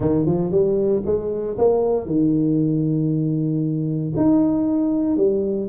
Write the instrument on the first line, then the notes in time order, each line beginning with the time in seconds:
tuba
0.00 D#3
0.26 F3
0.51 G3
1.05 G#3
1.58 A#3
2.06 D#3
4.16 D#4
5.16 G3